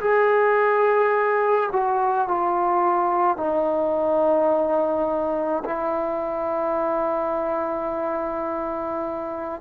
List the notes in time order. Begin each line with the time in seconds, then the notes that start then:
0.00 G#4
1.72 F#4
2.28 F4
3.37 D#4
5.65 E4